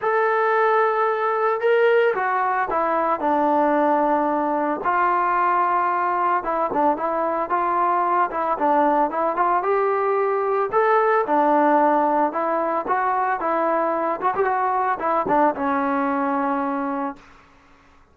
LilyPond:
\new Staff \with { instrumentName = "trombone" } { \time 4/4 \tempo 4 = 112 a'2. ais'4 | fis'4 e'4 d'2~ | d'4 f'2. | e'8 d'8 e'4 f'4. e'8 |
d'4 e'8 f'8 g'2 | a'4 d'2 e'4 | fis'4 e'4. fis'16 g'16 fis'4 | e'8 d'8 cis'2. | }